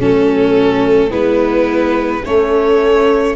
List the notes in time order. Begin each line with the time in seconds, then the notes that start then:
0.00 F#3 A3 C#4 A4
1.11 G#3 B3 E4 B4
2.25 A3 C#4 C#5